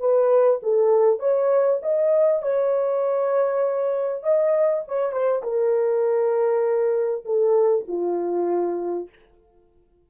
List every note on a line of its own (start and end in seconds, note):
0.00 0.61 B4
0.63 1.20 A4
1.20 1.80 C#5
1.82 2.42 D#5
2.42 4.23 C#5
4.23 4.84 D#5
4.88 5.12 C#5
5.12 5.43 C5
5.43 7.25 A#4
7.25 7.86 A4
7.88 9.09 F4